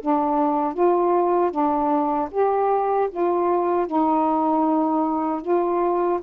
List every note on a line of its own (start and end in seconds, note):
0.00 0.73 D4
0.73 1.51 F4
1.51 2.28 D4
2.31 3.09 G4
3.10 3.86 F4
3.86 5.41 D#4
5.41 6.19 F4